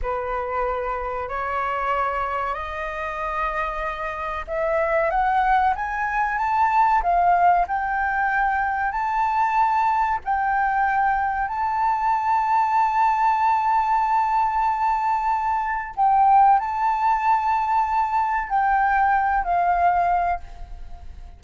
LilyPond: \new Staff \with { instrumentName = "flute" } { \time 4/4 \tempo 4 = 94 b'2 cis''2 | dis''2. e''4 | fis''4 gis''4 a''4 f''4 | g''2 a''2 |
g''2 a''2~ | a''1~ | a''4 g''4 a''2~ | a''4 g''4. f''4. | }